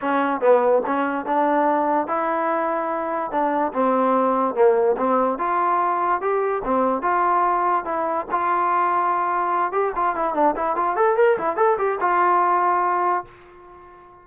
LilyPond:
\new Staff \with { instrumentName = "trombone" } { \time 4/4 \tempo 4 = 145 cis'4 b4 cis'4 d'4~ | d'4 e'2. | d'4 c'2 ais4 | c'4 f'2 g'4 |
c'4 f'2 e'4 | f'2.~ f'8 g'8 | f'8 e'8 d'8 e'8 f'8 a'8 ais'8 e'8 | a'8 g'8 f'2. | }